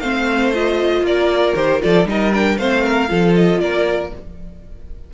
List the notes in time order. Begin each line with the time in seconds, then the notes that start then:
0.00 A3 C4 C5 F5
0.54 F4 D#5
1.02 A#3 A#4 D5
1.56 D#3 G4 C5
1.80 F3 F4 A4 D5
2.06 G3 D#4 A#4 D#5
2.33 D4 G5
2.58 A3 C4 C5 F5
2.84 A#4
3.08 F3 F4 A4
3.35 D#5
3.60 A#3 A#4 D5